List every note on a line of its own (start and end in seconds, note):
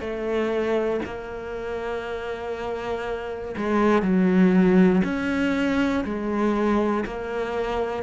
0.00 1.00 A3
1.05 3.55 A#3
3.57 4.02 G#3
4.02 5.02 F#3
5.04 6.04 C#4
6.04 7.04 G#3
7.05 8.03 A#3